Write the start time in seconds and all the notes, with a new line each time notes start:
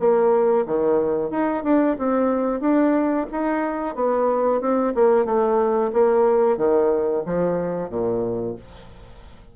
0.00 A#3
0.67 D#3
1.31 D#4
1.64 D4
1.99 C4
2.61 D4
3.32 D#4
3.95 B3
4.61 C4
4.95 A#3
5.25 A3
5.93 A#3
6.58 D#3
7.26 F3
7.90 A#2